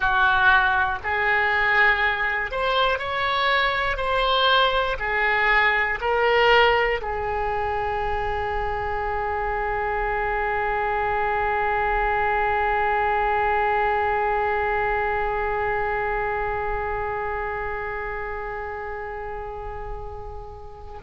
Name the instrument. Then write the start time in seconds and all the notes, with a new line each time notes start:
oboe
0.00 F#4
1.03 G#4
2.51 C5
2.99 C#5
3.96 C5
4.99 G#4
6.00 A#4
7.00 G#4